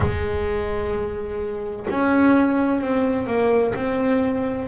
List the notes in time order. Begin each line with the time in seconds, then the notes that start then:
0.00 G#3
1.90 C#4
2.80 C4
3.26 A#3
3.74 C4